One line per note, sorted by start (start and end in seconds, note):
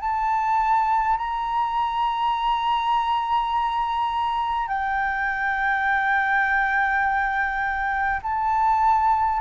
0.00 1.18 A5
1.18 4.68 A#5
4.68 8.21 G5
8.23 9.41 A5